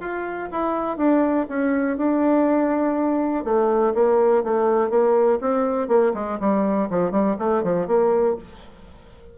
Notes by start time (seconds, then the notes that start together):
0.00 F4
0.51 E4
0.97 D4
1.49 C#4
1.97 D4
3.44 A3
3.94 A#3
4.44 A3
4.90 A#3
5.41 C4
5.88 A#3
6.14 G#3
6.40 G3
6.90 F3
7.11 G3
7.39 A3
7.63 F3
7.87 A#3